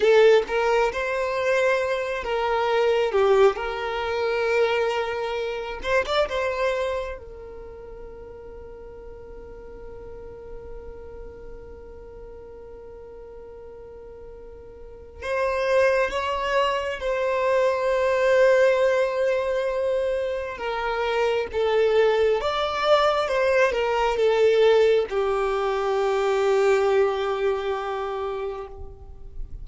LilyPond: \new Staff \with { instrumentName = "violin" } { \time 4/4 \tempo 4 = 67 a'8 ais'8 c''4. ais'4 g'8 | ais'2~ ais'8 c''16 d''16 c''4 | ais'1~ | ais'1~ |
ais'4 c''4 cis''4 c''4~ | c''2. ais'4 | a'4 d''4 c''8 ais'8 a'4 | g'1 | }